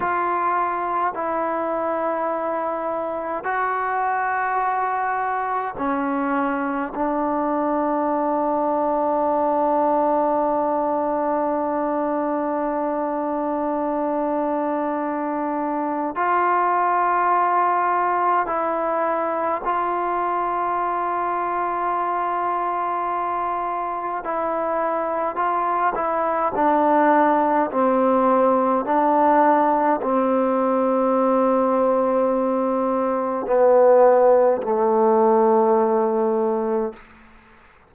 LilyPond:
\new Staff \with { instrumentName = "trombone" } { \time 4/4 \tempo 4 = 52 f'4 e'2 fis'4~ | fis'4 cis'4 d'2~ | d'1~ | d'2 f'2 |
e'4 f'2.~ | f'4 e'4 f'8 e'8 d'4 | c'4 d'4 c'2~ | c'4 b4 a2 | }